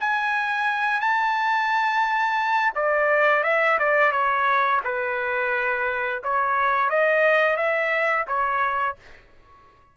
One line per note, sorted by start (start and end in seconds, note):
0.00 1.01 G#5
1.01 2.73 A5
2.75 3.44 D5
3.44 3.78 E5
3.79 4.12 D5
4.12 4.81 C#5
4.84 6.22 B4
6.24 6.90 C#5
6.90 7.56 D#5
7.56 8.25 E5
8.27 8.96 C#5